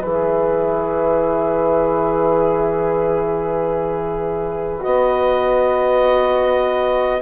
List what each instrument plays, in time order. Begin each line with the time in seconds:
0.00 bassoon E3, horn G#4, oboe B4, clarinet E5
4.80 bassoon B3, horn F#4, clarinet D#5